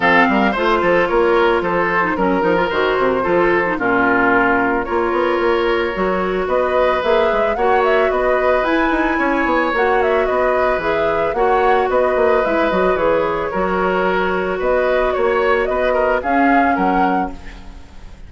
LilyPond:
<<
  \new Staff \with { instrumentName = "flute" } { \time 4/4 \tempo 4 = 111 f''4 c''4 cis''4 c''4 | ais'4 c''2 ais'4~ | ais'4 cis''2. | dis''4 e''4 fis''8 e''8 dis''4 |
gis''2 fis''8 e''8 dis''4 | e''4 fis''4 dis''4 e''8 dis''8 | cis''2. dis''4 | cis''4 dis''4 f''4 fis''4 | }
  \new Staff \with { instrumentName = "oboe" } { \time 4/4 a'8 ais'8 c''8 a'8 ais'4 a'4 | ais'2 a'4 f'4~ | f'4 ais'2. | b'2 cis''4 b'4~ |
b'4 cis''2 b'4~ | b'4 cis''4 b'2~ | b'4 ais'2 b'4 | cis''4 b'8 ais'8 gis'4 ais'4 | }
  \new Staff \with { instrumentName = "clarinet" } { \time 4/4 c'4 f'2~ f'8. dis'16 | cis'8 dis'16 f'16 fis'4 f'8. dis'16 cis'4~ | cis'4 f'2 fis'4~ | fis'4 gis'4 fis'2 |
e'2 fis'2 | gis'4 fis'2 e'8 fis'8 | gis'4 fis'2.~ | fis'2 cis'2 | }
  \new Staff \with { instrumentName = "bassoon" } { \time 4/4 f8 g8 a8 f8 ais4 f4 | fis8 f8 dis8 c8 f4 ais,4~ | ais,4 ais8 b8 ais4 fis4 | b4 ais8 gis8 ais4 b4 |
e'8 dis'8 cis'8 b8 ais4 b4 | e4 ais4 b8 ais8 gis8 fis8 | e4 fis2 b4 | ais4 b4 cis'4 fis4 | }
>>